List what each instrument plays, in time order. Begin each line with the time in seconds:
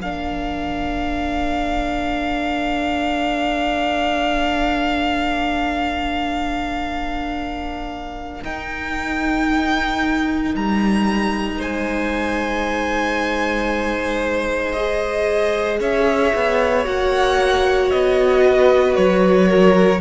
0.00 cello A#3, viola D4, violin A#4 F5
8.44 cello D#4, viola D#4, violin G5
10.55 cello G3, violin A#5
11.59 cello G#3, violin C5 G#5
14.72 viola G#4, violin D#5
15.80 cello C#4, violin C#5 E5
16.35 cello B3
16.84 cello A#3, viola F#4, violin F#5
17.91 cello B3, violin D#5
18.45 violin B4
18.96 cello F#3, violin C#5
19.48 violin A#4